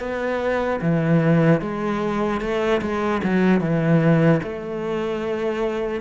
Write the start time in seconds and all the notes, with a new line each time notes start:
0.00 B3
0.82 E3
1.61 G#3
2.41 A3
2.82 G#3
3.24 F#3
3.61 E3
4.43 A3